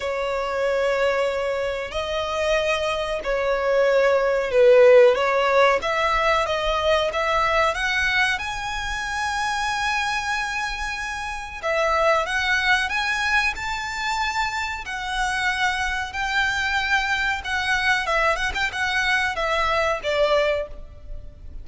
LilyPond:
\new Staff \with { instrumentName = "violin" } { \time 4/4 \tempo 4 = 93 cis''2. dis''4~ | dis''4 cis''2 b'4 | cis''4 e''4 dis''4 e''4 | fis''4 gis''2.~ |
gis''2 e''4 fis''4 | gis''4 a''2 fis''4~ | fis''4 g''2 fis''4 | e''8 fis''16 g''16 fis''4 e''4 d''4 | }